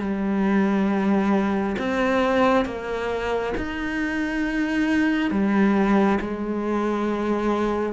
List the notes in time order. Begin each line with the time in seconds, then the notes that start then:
0.00 G3
1.79 C4
2.66 A#3
3.58 D#4
5.31 G3
6.21 G#3